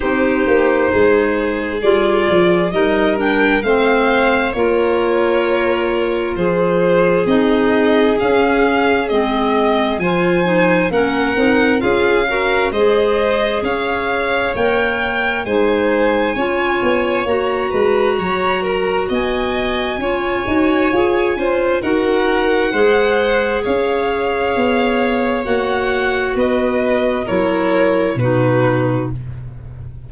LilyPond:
<<
  \new Staff \with { instrumentName = "violin" } { \time 4/4 \tempo 4 = 66 c''2 d''4 dis''8 g''8 | f''4 cis''2 c''4 | dis''4 f''4 dis''4 gis''4 | fis''4 f''4 dis''4 f''4 |
g''4 gis''2 ais''4~ | ais''4 gis''2. | fis''2 f''2 | fis''4 dis''4 cis''4 b'4 | }
  \new Staff \with { instrumentName = "violin" } { \time 4/4 g'4 gis'2 ais'4 | c''4 ais'2 gis'4~ | gis'2. c''4 | ais'4 gis'8 ais'8 c''4 cis''4~ |
cis''4 c''4 cis''4. b'8 | cis''8 ais'8 dis''4 cis''4. c''8 | ais'4 c''4 cis''2~ | cis''4 b'4 ais'4 fis'4 | }
  \new Staff \with { instrumentName = "clarinet" } { \time 4/4 dis'2 f'4 dis'8 d'8 | c'4 f'2. | dis'4 cis'4 c'4 f'8 dis'8 | cis'8 dis'8 f'8 fis'8 gis'2 |
ais'4 dis'4 f'4 fis'4~ | fis'2 f'8 fis'8 gis'8 f'8 | fis'4 gis'2. | fis'2 e'4 dis'4 | }
  \new Staff \with { instrumentName = "tuba" } { \time 4/4 c'8 ais8 gis4 g8 f8 g4 | a4 ais2 f4 | c'4 cis'4 gis4 f4 | ais8 c'8 cis'4 gis4 cis'4 |
ais4 gis4 cis'8 b8 ais8 gis8 | fis4 b4 cis'8 dis'8 f'8 cis'8 | dis'4 gis4 cis'4 b4 | ais4 b4 fis4 b,4 | }
>>